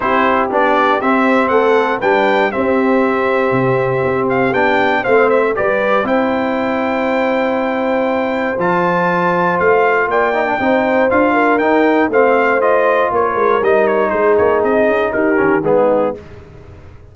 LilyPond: <<
  \new Staff \with { instrumentName = "trumpet" } { \time 4/4 \tempo 4 = 119 c''4 d''4 e''4 fis''4 | g''4 e''2.~ | e''8 f''8 g''4 f''8 e''8 d''4 | g''1~ |
g''4 a''2 f''4 | g''2 f''4 g''4 | f''4 dis''4 cis''4 dis''8 cis''8 | c''8 cis''8 dis''4 ais'4 gis'4 | }
  \new Staff \with { instrumentName = "horn" } { \time 4/4 g'2. a'4 | b'4 g'2.~ | g'2 c''4 b'4 | c''1~ |
c''1 | d''4 c''4. ais'4. | c''2 ais'2 | gis'2 g'4 dis'4 | }
  \new Staff \with { instrumentName = "trombone" } { \time 4/4 e'4 d'4 c'2 | d'4 c'2.~ | c'4 d'4 c'4 g'4 | e'1~ |
e'4 f'2.~ | f'8 dis'16 d'16 dis'4 f'4 dis'4 | c'4 f'2 dis'4~ | dis'2~ dis'8 cis'8 b4 | }
  \new Staff \with { instrumentName = "tuba" } { \time 4/4 c'4 b4 c'4 a4 | g4 c'2 c4 | c'4 b4 a4 g4 | c'1~ |
c'4 f2 a4 | ais4 c'4 d'4 dis'4 | a2 ais8 gis8 g4 | gis8 ais8 c'8 cis'8 dis'8 dis8 gis4 | }
>>